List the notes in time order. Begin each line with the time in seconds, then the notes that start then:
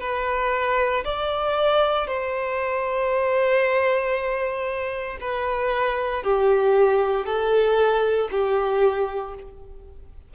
0.00 B4
1.04 D5
2.07 C5
5.21 B4
6.23 G4
7.25 A4
8.31 G4